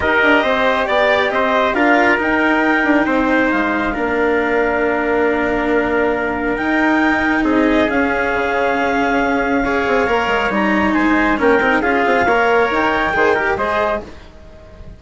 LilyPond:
<<
  \new Staff \with { instrumentName = "clarinet" } { \time 4/4 \tempo 4 = 137 dis''2 d''4 dis''4 | f''4 g''2. | f''1~ | f''2. g''4~ |
g''4 dis''4 f''2~ | f''1 | ais''4 gis''4 g''4 f''4~ | f''4 g''2 dis''4 | }
  \new Staff \with { instrumentName = "trumpet" } { \time 4/4 ais'4 c''4 d''4 c''4 | ais'2. c''4~ | c''4 ais'2.~ | ais'1~ |
ais'4 gis'2.~ | gis'2 cis''2~ | cis''4 c''4 ais'4 gis'4 | cis''2 c''8 ais'8 c''4 | }
  \new Staff \with { instrumentName = "cello" } { \time 4/4 g'1 | f'4 dis'2.~ | dis'4 d'2.~ | d'2. dis'4~ |
dis'2 cis'2~ | cis'2 gis'4 ais'4 | dis'2 cis'8 dis'8 f'4 | ais'2 gis'8 g'8 gis'4 | }
  \new Staff \with { instrumentName = "bassoon" } { \time 4/4 dis'8 d'8 c'4 b4 c'4 | d'4 dis'4. d'8 c'4 | gis4 ais2.~ | ais2. dis'4~ |
dis'4 c'4 cis'4 cis4~ | cis4 cis'4. c'8 ais8 gis8 | g4 gis4 ais8 c'8 cis'8 c'8 | ais4 dis'4 dis4 gis4 | }
>>